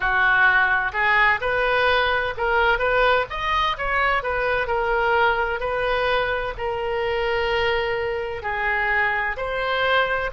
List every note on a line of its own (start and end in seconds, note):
0.00 0.92 F#4
0.92 1.39 G#4
1.41 2.34 B4
2.37 2.78 A#4
2.78 3.25 B4
3.29 3.76 D#5
3.77 4.22 C#5
4.22 4.67 B4
4.67 5.60 A#4
5.60 6.54 B4
6.57 8.42 A#4
8.42 9.36 G#4
9.36 10.30 C5